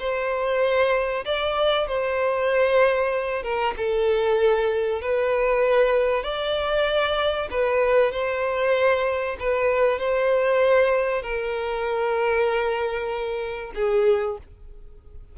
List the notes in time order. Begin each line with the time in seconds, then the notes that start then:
0.00 C5
1.25 D5
1.88 C5
3.43 A#4
3.78 A4
5.02 B4
6.24 D5
7.51 B4
8.12 C5
9.39 B4
9.99 C5
11.23 A#4
13.76 G#4